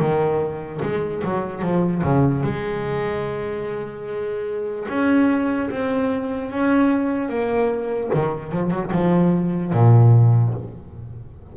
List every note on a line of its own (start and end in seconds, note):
0.00 0.81 D#3
0.83 1.23 G#3
1.25 1.63 F#3
1.63 2.03 F3
2.04 2.44 C#3
2.44 4.87 G#3
4.89 5.70 C#4
5.71 6.52 C4
6.52 7.29 C#4
7.29 8.10 A#3
8.14 8.52 D#3
8.52 8.71 F3
8.71 8.91 F#3
8.92 9.73 F3
9.73 10.54 A#2